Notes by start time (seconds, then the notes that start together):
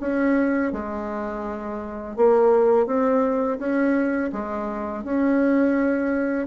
0.00 C#4
0.72 G#3
2.17 A#3
2.86 C4
3.59 C#4
4.32 G#3
5.04 C#4